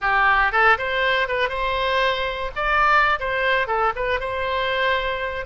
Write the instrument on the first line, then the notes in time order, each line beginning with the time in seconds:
oboe
0.01 G4
0.52 A4
0.78 C5
1.28 B4
1.49 C5
2.55 D5
3.19 C5
3.67 A4
3.95 B4
4.19 C5